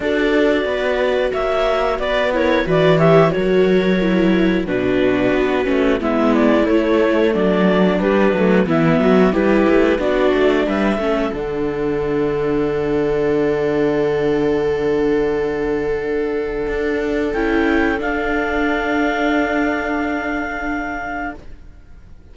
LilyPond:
<<
  \new Staff \with { instrumentName = "clarinet" } { \time 4/4 \tempo 4 = 90 d''2 e''4 d''8 cis''8 | d''8 e''8 cis''2 b'4~ | b'4 e''8 d''8 cis''4 d''4 | b'4 e''4 b'4 d''4 |
e''4 fis''2.~ | fis''1~ | fis''2 g''4 f''4~ | f''1 | }
  \new Staff \with { instrumentName = "viola" } { \time 4/4 a'4 b'4 cis''4 b'8 ais'8 | b'8 cis''8 ais'2 fis'4~ | fis'4 e'2 d'4~ | d'4 e'8 fis'8 g'4 fis'4 |
b'8 a'2.~ a'8~ | a'1~ | a'1~ | a'1 | }
  \new Staff \with { instrumentName = "viola" } { \time 4/4 fis'2.~ fis'8 e'8 | fis'8 g'8 fis'4 e'4 d'4~ | d'8 cis'8 b4 a2 | g8 a8 b4 e'4 d'4~ |
d'8 cis'8 d'2.~ | d'1~ | d'2 e'4 d'4~ | d'1 | }
  \new Staff \with { instrumentName = "cello" } { \time 4/4 d'4 b4 ais4 b4 | e4 fis2 b,4 | b8 a8 gis4 a4 fis4 | g8 fis8 e8 fis8 g8 a8 b8 a8 |
g8 a8 d2.~ | d1~ | d4 d'4 cis'4 d'4~ | d'1 | }
>>